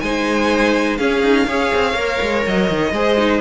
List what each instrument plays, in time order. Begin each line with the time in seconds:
0.00 cello G#3, viola D#4, violin C5 G#5
0.97 viola C#4, cello C#4, violin G#4 F5
1.22 cello D#4
1.46 cello C#4, viola G#4, violin C#5
1.74 cello C4
1.93 cello A#3, viola A#4
2.22 cello G#3
2.46 cello F#3, violin D#5
2.70 cello D#3
2.92 cello G#3, viola G#4, violin C5
3.18 viola D#4